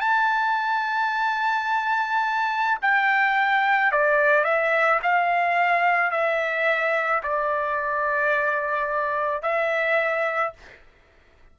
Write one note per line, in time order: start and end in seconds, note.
0.00 2.78 A5
2.81 3.91 G5
3.91 4.44 D5
4.44 4.99 E5
5.02 6.11 F5
6.11 7.22 E5
7.23 9.42 D5
9.42 10.53 E5